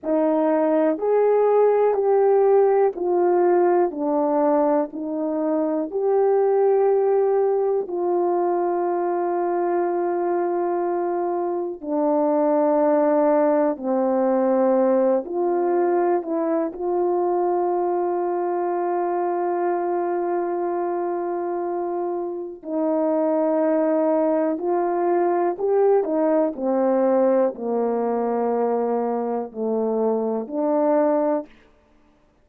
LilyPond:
\new Staff \with { instrumentName = "horn" } { \time 4/4 \tempo 4 = 61 dis'4 gis'4 g'4 f'4 | d'4 dis'4 g'2 | f'1 | d'2 c'4. f'8~ |
f'8 e'8 f'2.~ | f'2. dis'4~ | dis'4 f'4 g'8 dis'8 c'4 | ais2 a4 d'4 | }